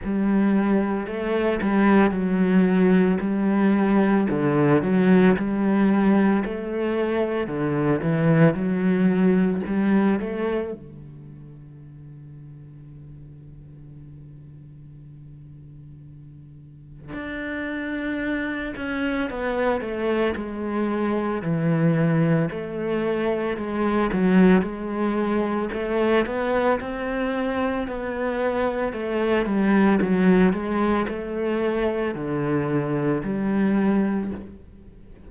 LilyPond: \new Staff \with { instrumentName = "cello" } { \time 4/4 \tempo 4 = 56 g4 a8 g8 fis4 g4 | d8 fis8 g4 a4 d8 e8 | fis4 g8 a8 d2~ | d1 |
d'4. cis'8 b8 a8 gis4 | e4 a4 gis8 fis8 gis4 | a8 b8 c'4 b4 a8 g8 | fis8 gis8 a4 d4 g4 | }